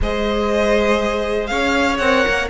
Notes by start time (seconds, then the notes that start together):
0.01 G#3 G#4 C5 D#5
1.47 C#4 C#5 F5
1.97 C4 A#4 F#5
2.28 A#3